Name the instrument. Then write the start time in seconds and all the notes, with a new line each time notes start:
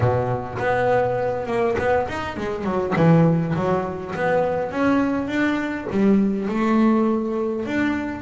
double bass
0.00 B2
0.58 B3
1.46 A#3
1.78 B3
2.07 D#4
2.36 G#3
2.64 F#3
2.95 E3
3.55 F#3
4.15 B3
4.71 C#4
5.27 D4
5.91 G3
6.48 A3
7.65 D4